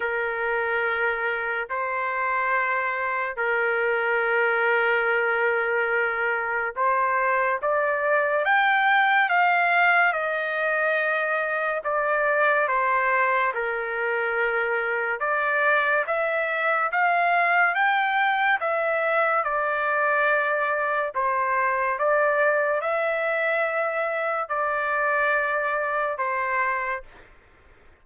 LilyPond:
\new Staff \with { instrumentName = "trumpet" } { \time 4/4 \tempo 4 = 71 ais'2 c''2 | ais'1 | c''4 d''4 g''4 f''4 | dis''2 d''4 c''4 |
ais'2 d''4 e''4 | f''4 g''4 e''4 d''4~ | d''4 c''4 d''4 e''4~ | e''4 d''2 c''4 | }